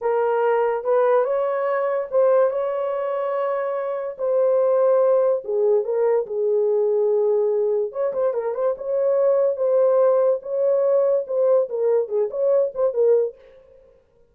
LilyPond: \new Staff \with { instrumentName = "horn" } { \time 4/4 \tempo 4 = 144 ais'2 b'4 cis''4~ | cis''4 c''4 cis''2~ | cis''2 c''2~ | c''4 gis'4 ais'4 gis'4~ |
gis'2. cis''8 c''8 | ais'8 c''8 cis''2 c''4~ | c''4 cis''2 c''4 | ais'4 gis'8 cis''4 c''8 ais'4 | }